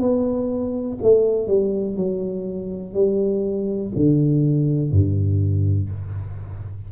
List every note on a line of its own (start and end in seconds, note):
0.00 0.98 B3
1.02 1.48 A3
1.48 1.96 G3
1.96 2.94 F#3
2.94 3.92 G3
3.96 4.92 D3
4.92 5.90 G2